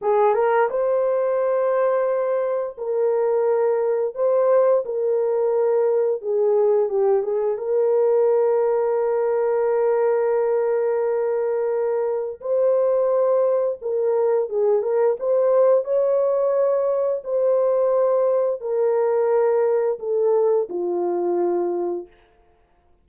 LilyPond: \new Staff \with { instrumentName = "horn" } { \time 4/4 \tempo 4 = 87 gis'8 ais'8 c''2. | ais'2 c''4 ais'4~ | ais'4 gis'4 g'8 gis'8 ais'4~ | ais'1~ |
ais'2 c''2 | ais'4 gis'8 ais'8 c''4 cis''4~ | cis''4 c''2 ais'4~ | ais'4 a'4 f'2 | }